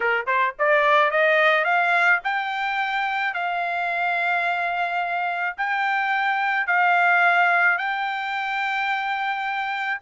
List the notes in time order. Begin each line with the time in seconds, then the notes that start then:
0.00 A#4
0.26 C5
0.58 D5
1.10 D#5
1.64 F5
2.24 G5
3.34 F5
5.57 G5
6.66 F5
7.78 G5